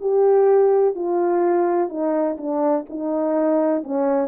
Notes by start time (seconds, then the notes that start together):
0.00 G4
0.95 F4
1.88 D#4
2.37 D4
2.89 D#4
3.83 C#4